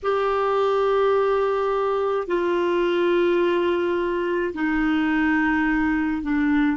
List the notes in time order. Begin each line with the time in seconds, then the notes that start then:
0.03 G4
2.26 F4
4.54 D#4
6.22 D4